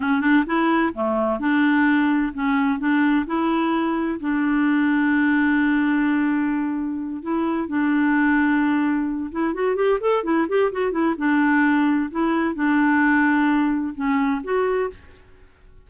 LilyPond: \new Staff \with { instrumentName = "clarinet" } { \time 4/4 \tempo 4 = 129 cis'8 d'8 e'4 a4 d'4~ | d'4 cis'4 d'4 e'4~ | e'4 d'2.~ | d'2.~ d'8 e'8~ |
e'8 d'2.~ d'8 | e'8 fis'8 g'8 a'8 e'8 g'8 fis'8 e'8 | d'2 e'4 d'4~ | d'2 cis'4 fis'4 | }